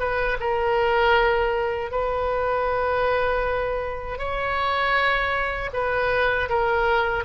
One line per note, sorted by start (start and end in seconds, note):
0.00 0.38 B4
0.40 1.92 A#4
1.92 4.19 B4
4.19 5.71 C#5
5.73 6.49 B4
6.49 7.25 A#4